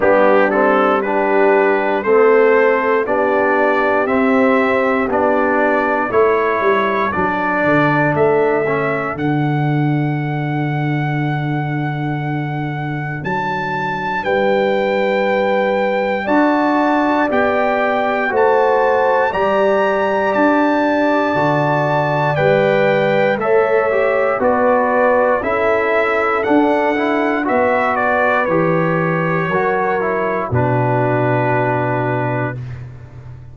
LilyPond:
<<
  \new Staff \with { instrumentName = "trumpet" } { \time 4/4 \tempo 4 = 59 g'8 a'8 b'4 c''4 d''4 | e''4 d''4 cis''4 d''4 | e''4 fis''2.~ | fis''4 a''4 g''2 |
a''4 g''4 a''4 ais''4 | a''2 g''4 e''4 | d''4 e''4 fis''4 e''8 d''8 | cis''2 b'2 | }
  \new Staff \with { instrumentName = "horn" } { \time 4/4 d'4 g'4 a'4 g'4~ | g'2 a'2~ | a'1~ | a'2 b'2 |
d''2 c''4 d''4~ | d''2. cis''4 | b'4 a'2 b'4~ | b'4 ais'4 fis'2 | }
  \new Staff \with { instrumentName = "trombone" } { \time 4/4 b8 c'8 d'4 c'4 d'4 | c'4 d'4 e'4 d'4~ | d'8 cis'8 d'2.~ | d'1 |
fis'4 g'4 fis'4 g'4~ | g'4 fis'4 b'4 a'8 g'8 | fis'4 e'4 d'8 e'8 fis'4 | g'4 fis'8 e'8 d'2 | }
  \new Staff \with { instrumentName = "tuba" } { \time 4/4 g2 a4 b4 | c'4 b4 a8 g8 fis8 d8 | a4 d2.~ | d4 fis4 g2 |
d'4 b4 a4 g4 | d'4 d4 g4 a4 | b4 cis'4 d'4 b4 | e4 fis4 b,2 | }
>>